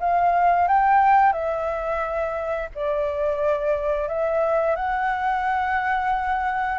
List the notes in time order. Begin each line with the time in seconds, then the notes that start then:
0.00 F5
0.68 G5
1.33 E5
2.76 D5
4.08 E5
4.76 F#5